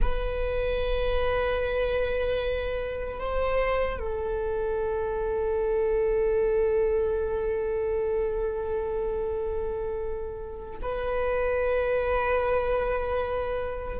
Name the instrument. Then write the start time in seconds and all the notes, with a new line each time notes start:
viola
0.01 B4
3.19 C5
3.99 A4
10.81 B4